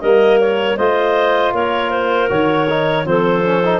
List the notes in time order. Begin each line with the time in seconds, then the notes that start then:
0.00 G3 A#3 A#4 D#5
0.40 C#5
0.76 A3 F4 C5 D#5
1.53 A#3 A#4 C#5
1.90 C5
2.29 D#3 F#4 C#5
2.69 D#4
3.04 F3 C4 A4 C5
3.43 C#4
3.64 D#4